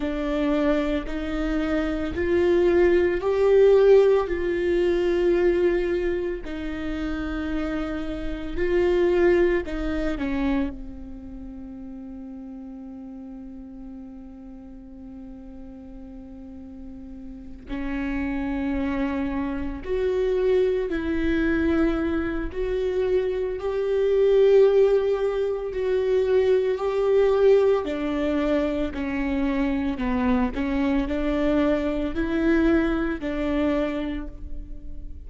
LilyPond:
\new Staff \with { instrumentName = "viola" } { \time 4/4 \tempo 4 = 56 d'4 dis'4 f'4 g'4 | f'2 dis'2 | f'4 dis'8 cis'8 c'2~ | c'1~ |
c'8 cis'2 fis'4 e'8~ | e'4 fis'4 g'2 | fis'4 g'4 d'4 cis'4 | b8 cis'8 d'4 e'4 d'4 | }